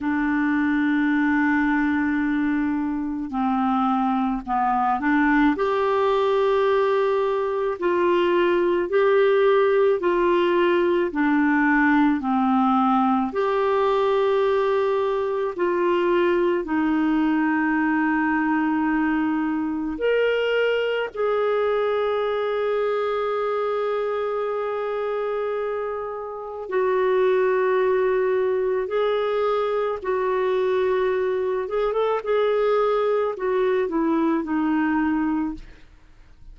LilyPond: \new Staff \with { instrumentName = "clarinet" } { \time 4/4 \tempo 4 = 54 d'2. c'4 | b8 d'8 g'2 f'4 | g'4 f'4 d'4 c'4 | g'2 f'4 dis'4~ |
dis'2 ais'4 gis'4~ | gis'1 | fis'2 gis'4 fis'4~ | fis'8 gis'16 a'16 gis'4 fis'8 e'8 dis'4 | }